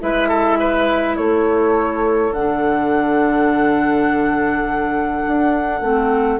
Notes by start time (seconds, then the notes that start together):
0.00 G#3 E4 B4 E5
0.29 A4
0.60 B4
1.17 A3 A4 C#5
2.32 D3 D4 F#5
5.27 D4
5.81 A3 C4